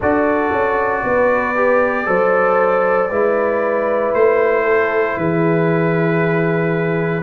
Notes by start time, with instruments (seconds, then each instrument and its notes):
0.00 tuba D4, trombone F#4, horn A4, trumpet D5
0.51 tuba C#4
1.03 tuba B3, horn B4
1.55 trombone G4
2.05 tuba F#3, trombone A4, horn C5
3.09 tuba G#3, trombone E4, horn B4
4.14 tuba A3, trumpet C5
4.63 horn A4
5.17 tuba E3, horn G#4, trumpet B4